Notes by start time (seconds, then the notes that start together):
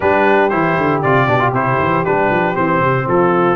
0.00 G3 D4 G4 B4
0.49 E3 E4 C5
0.77 D3
1.01 C3 F4 D5
1.27 B2 D4
1.39 F4
1.52 C3 E4 C5
1.79 E3
2.04 G3 D4 B4
2.30 F3
2.54 E3 C4 C5
2.80 C3
3.07 F3 F4 A4